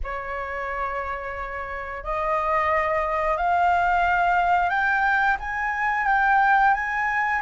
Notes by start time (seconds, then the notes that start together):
0.03 C#5
2.03 D#5
3.37 F5
4.69 G5
5.39 G#5
6.06 G5
6.74 G#5